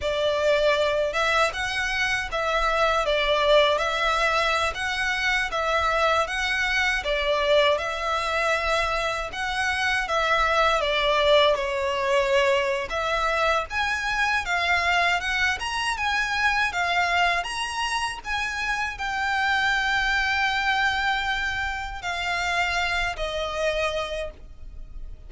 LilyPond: \new Staff \with { instrumentName = "violin" } { \time 4/4 \tempo 4 = 79 d''4. e''8 fis''4 e''4 | d''4 e''4~ e''16 fis''4 e''8.~ | e''16 fis''4 d''4 e''4.~ e''16~ | e''16 fis''4 e''4 d''4 cis''8.~ |
cis''4 e''4 gis''4 f''4 | fis''8 ais''8 gis''4 f''4 ais''4 | gis''4 g''2.~ | g''4 f''4. dis''4. | }